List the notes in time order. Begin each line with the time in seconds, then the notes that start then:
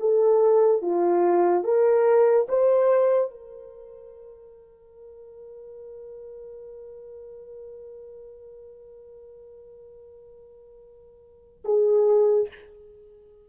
0.00 A4
0.82 F4
1.64 A#4
2.49 C5
3.31 A#4
11.65 G#4